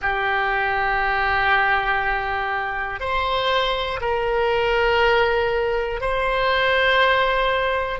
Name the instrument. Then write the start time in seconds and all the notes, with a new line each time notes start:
oboe
0.01 G4
3.00 C5
4.00 A#4
6.00 C5